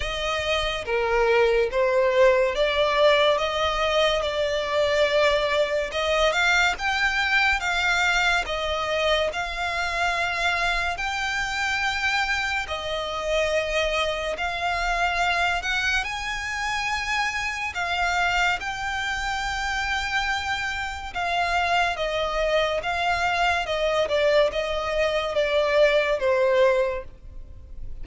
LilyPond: \new Staff \with { instrumentName = "violin" } { \time 4/4 \tempo 4 = 71 dis''4 ais'4 c''4 d''4 | dis''4 d''2 dis''8 f''8 | g''4 f''4 dis''4 f''4~ | f''4 g''2 dis''4~ |
dis''4 f''4. fis''8 gis''4~ | gis''4 f''4 g''2~ | g''4 f''4 dis''4 f''4 | dis''8 d''8 dis''4 d''4 c''4 | }